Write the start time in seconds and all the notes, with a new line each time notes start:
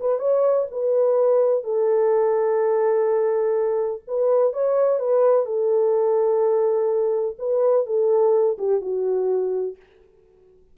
0.00 B4
0.19 C#5
0.71 B4
1.64 A4
4.07 B4
4.53 C#5
4.99 B4
5.45 A4
7.38 B4
7.86 A4
8.58 G4
8.81 F#4